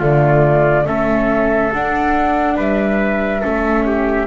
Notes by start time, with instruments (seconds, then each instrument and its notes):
0.00 double bass D3, viola A3, trumpet F4, flute D5
0.86 double bass A3, viola C#4, trumpet A4, flute E5
1.73 double bass D4, viola D4, flute F#5
2.57 double bass G3, trumpet B4, flute E5
3.41 double bass A3, viola C#4, trumpet A4
3.86 trumpet G4